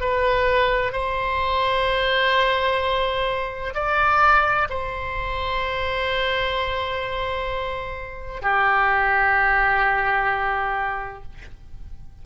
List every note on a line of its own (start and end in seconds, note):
0.00 0.92 B4
0.92 3.74 C5
3.74 4.68 D5
4.70 8.42 C5
8.42 11.23 G4